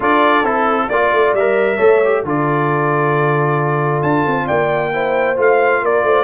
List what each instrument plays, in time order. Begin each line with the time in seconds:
0.00 tuba D4, trombone F4, horn A4, trumpet D5
0.43 tuba C4, trombone E4, trumpet A4
0.88 tuba A#3, trombone F4, horn D5, trumpet D5
1.12 tuba A3
1.33 tuba G3, trombone A#4, trumpet E5
1.76 tuba A3, trombone A4, horn C#5
2.04 trombone G4
2.24 tuba D3, trombone F4, horn A4, trumpet D5
4.02 tuba D4, trumpet A5
4.26 tuba C4
4.46 tuba A#3, horn D5, trumpet G5
4.93 trombone E4, horn C5
5.36 tuba A3, trombone F4, trumpet F5
5.82 tuba A#3, horn A#4, trumpet D5
6.03 tuba A3, horn C5